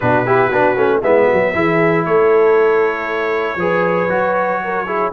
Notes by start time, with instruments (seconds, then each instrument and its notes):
0.00 tuba B2, trombone D4, horn F#4, trumpet B4
0.26 trombone E4, horn G4
0.46 tuba B3, trombone D4, horn F#4
0.76 tuba A3, trombone C#4
1.02 tuba G#3, trombone B3, horn E4, trumpet E5
1.26 horn F#4
1.33 tuba F#3
1.53 tuba E3, trombone E4, horn G#4
2.05 tuba A3, horn A4, trumpet C#5
3.56 tuba F3, trombone G#4, horn B4
4.09 tuba F#3, trombone F#4
4.64 horn A#4
4.86 trombone E4, horn G#4